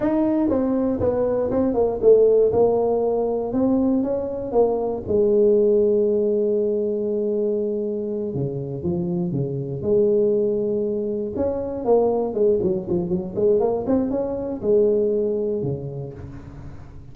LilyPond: \new Staff \with { instrumentName = "tuba" } { \time 4/4 \tempo 4 = 119 dis'4 c'4 b4 c'8 ais8 | a4 ais2 c'4 | cis'4 ais4 gis2~ | gis1~ |
gis8 cis4 f4 cis4 gis8~ | gis2~ gis8 cis'4 ais8~ | ais8 gis8 fis8 f8 fis8 gis8 ais8 c'8 | cis'4 gis2 cis4 | }